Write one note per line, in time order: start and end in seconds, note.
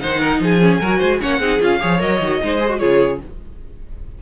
0.00 0.40 D#3
0.00 0.60 D#4
0.00 0.20 C5
0.00 0.40 F#5
0.20 0.40 A#4
0.40 0.80 F3
0.40 0.81 G#4
0.40 1.21 G#5
0.60 0.80 C#4
0.81 1.01 F#3
0.81 1.21 F#4
0.81 0.98 A#4
0.98 1.21 G#3
0.98 1.18 C5
1.21 1.40 A#3
1.21 1.41 C#4
1.21 1.40 C#5
1.21 1.61 F#5
1.40 1.60 C4
1.40 1.60 D#4
1.40 1.80 G#4
1.60 1.82 C#4
1.60 1.80 F4
1.60 2.01 F5
1.80 2.01 F3
1.80 2.00 G#4
1.80 2.41 C#5
2.00 2.21 F#3
2.00 2.20 A#4
2.00 2.79 D#5
2.21 2.41 D#3
2.21 2.42 F#4
2.42 2.82 G#3
2.42 2.60 D#4
2.42 2.80 C5
2.60 2.69 G#4
2.69 2.79 F#4
2.79 3.22 C#3
2.79 3.20 F4
2.79 3.20 G#4
2.79 3.19 C#5